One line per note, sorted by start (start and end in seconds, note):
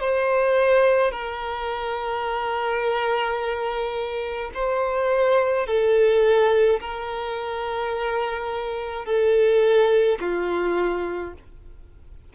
0.00 1.12 C5
1.12 4.51 A#4
4.54 5.67 C5
5.67 6.80 A4
6.80 9.06 A#4
9.06 10.19 A4
10.20 11.33 F4